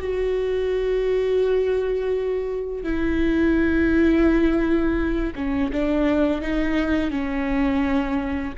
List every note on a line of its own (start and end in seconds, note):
0.00 2.83 F#4
2.83 5.33 E4
5.35 5.71 C#4
5.72 6.41 D4
6.41 7.10 D#4
7.10 8.53 C#4